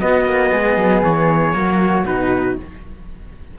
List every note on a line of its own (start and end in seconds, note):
0.00 0.25 B3
0.00 1.52 B3
0.00 0.52 F#4
0.00 1.03 D#5
0.25 0.51 A#3
0.52 0.76 G#3
0.52 1.54 G#4
0.76 1.02 F#3
1.02 1.53 E3
1.02 2.06 C#5
1.52 2.04 F#3
1.52 2.04 A#3
1.52 2.58 F#4
2.04 2.55 B2
2.04 2.56 D#4
2.04 2.57 B4